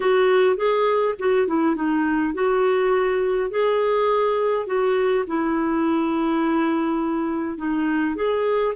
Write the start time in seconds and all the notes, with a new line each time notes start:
0.00 F#4
0.56 G#4
1.18 F#4
1.47 E4
1.75 D#4
2.34 F#4
3.50 G#4
4.66 F#4
5.27 E4
7.57 D#4
8.15 G#4